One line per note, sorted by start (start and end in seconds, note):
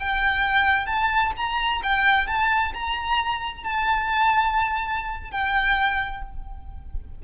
0.00 0.86 G5
0.86 1.32 A5
1.37 1.82 A#5
1.83 2.27 G5
2.27 2.73 A5
2.74 3.64 A#5
3.64 5.31 A5
5.31 6.22 G5